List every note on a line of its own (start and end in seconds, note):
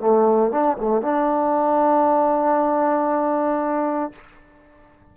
0.00 0.51 A3
0.51 0.77 D4
0.77 1.01 A3
1.01 4.11 D4